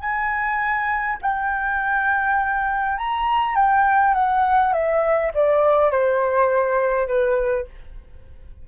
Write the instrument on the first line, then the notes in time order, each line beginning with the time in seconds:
flute
0.00 G#5
1.21 G5
2.97 A#5
3.55 G5
4.14 F#5
4.72 E5
5.34 D5
5.91 C5
7.07 B4